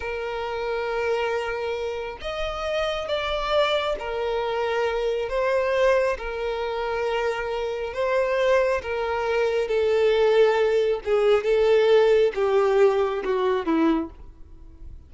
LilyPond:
\new Staff \with { instrumentName = "violin" } { \time 4/4 \tempo 4 = 136 ais'1~ | ais'4 dis''2 d''4~ | d''4 ais'2. | c''2 ais'2~ |
ais'2 c''2 | ais'2 a'2~ | a'4 gis'4 a'2 | g'2 fis'4 e'4 | }